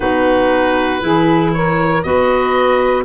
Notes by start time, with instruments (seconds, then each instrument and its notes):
0.00 tuba B3, clarinet D#4, saxophone F#4, oboe B4
1.00 tuba E3, clarinet E4, saxophone G#4
1.53 saxophone A#4, oboe C#5
2.02 tuba B3, clarinet F#4, saxophone B4, oboe D#5